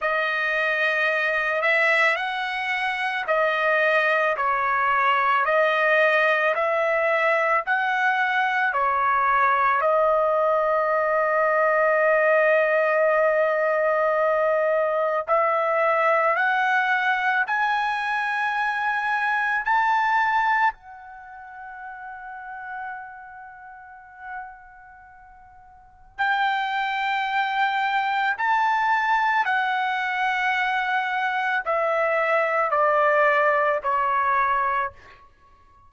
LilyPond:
\new Staff \with { instrumentName = "trumpet" } { \time 4/4 \tempo 4 = 55 dis''4. e''8 fis''4 dis''4 | cis''4 dis''4 e''4 fis''4 | cis''4 dis''2.~ | dis''2 e''4 fis''4 |
gis''2 a''4 fis''4~ | fis''1 | g''2 a''4 fis''4~ | fis''4 e''4 d''4 cis''4 | }